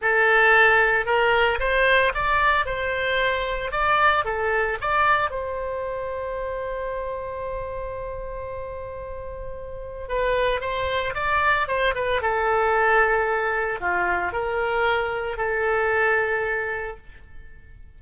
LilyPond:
\new Staff \with { instrumentName = "oboe" } { \time 4/4 \tempo 4 = 113 a'2 ais'4 c''4 | d''4 c''2 d''4 | a'4 d''4 c''2~ | c''1~ |
c''2. b'4 | c''4 d''4 c''8 b'8 a'4~ | a'2 f'4 ais'4~ | ais'4 a'2. | }